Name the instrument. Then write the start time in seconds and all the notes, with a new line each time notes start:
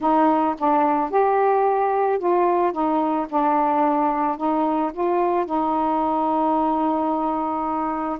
saxophone
0.00 D#4
0.58 D4
1.10 G4
2.18 F4
2.72 D#4
3.29 D4
4.37 D#4
4.92 F4
5.45 D#4